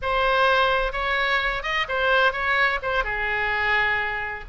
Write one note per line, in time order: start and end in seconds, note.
0.02 0.92 C5
0.92 1.62 C#5
1.62 1.86 D#5
1.88 2.32 C5
2.32 2.79 C#5
2.82 3.03 C5
3.03 4.44 G#4